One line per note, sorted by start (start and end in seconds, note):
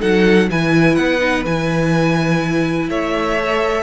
0.00 0.50 F#3
0.00 0.48 D#4
0.00 0.48 A4
0.00 0.49 F#5
0.50 0.98 E3
0.50 1.20 E4
0.50 2.90 B4
0.50 0.96 G#5
0.96 1.46 B3
0.96 1.44 F#5
1.20 1.44 D#4
1.46 2.89 E3
1.46 3.39 E4
1.46 2.90 G#5
2.89 3.83 A3
2.89 3.83 C#5
2.89 3.83 E5
3.40 3.83 A4